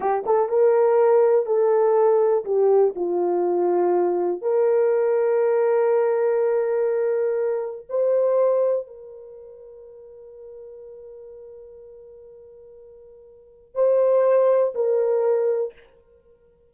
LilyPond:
\new Staff \with { instrumentName = "horn" } { \time 4/4 \tempo 4 = 122 g'8 a'8 ais'2 a'4~ | a'4 g'4 f'2~ | f'4 ais'2.~ | ais'1 |
c''2 ais'2~ | ais'1~ | ais'1 | c''2 ais'2 | }